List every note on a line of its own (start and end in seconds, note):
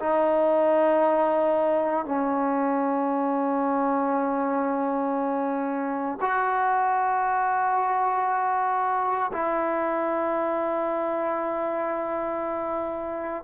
0.00 2.05 D#4
2.05 6.19 C#4
6.21 9.31 F#4
9.33 13.44 E4